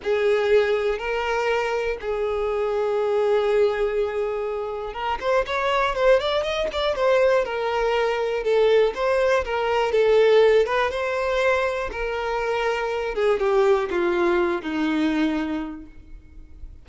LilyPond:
\new Staff \with { instrumentName = "violin" } { \time 4/4 \tempo 4 = 121 gis'2 ais'2 | gis'1~ | gis'2 ais'8 c''8 cis''4 | c''8 d''8 dis''8 d''8 c''4 ais'4~ |
ais'4 a'4 c''4 ais'4 | a'4. b'8 c''2 | ais'2~ ais'8 gis'8 g'4 | f'4. dis'2~ dis'8 | }